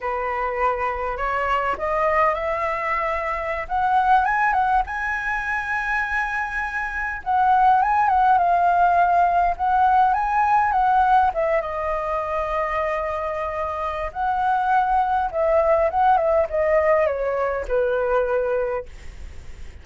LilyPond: \new Staff \with { instrumentName = "flute" } { \time 4/4 \tempo 4 = 102 b'2 cis''4 dis''4 | e''2~ e''16 fis''4 gis''8 fis''16~ | fis''16 gis''2.~ gis''8.~ | gis''16 fis''4 gis''8 fis''8 f''4.~ f''16~ |
f''16 fis''4 gis''4 fis''4 e''8 dis''16~ | dis''1 | fis''2 e''4 fis''8 e''8 | dis''4 cis''4 b'2 | }